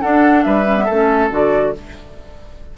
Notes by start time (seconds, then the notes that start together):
0.00 D4 A4 F#5
0.43 G3 B4 E5
0.66 C#4
0.77 B3
0.85 A3 A4
0.93 C#4
1.30 D3 F#4 D5